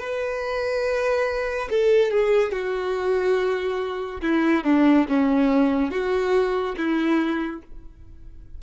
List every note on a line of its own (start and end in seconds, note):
0.00 1.69 B4
1.70 2.11 A4
2.11 2.52 G#4
2.52 4.21 F#4
4.22 4.64 E4
4.64 5.07 D4
5.09 5.91 C#4
5.91 6.76 F#4
6.78 7.62 E4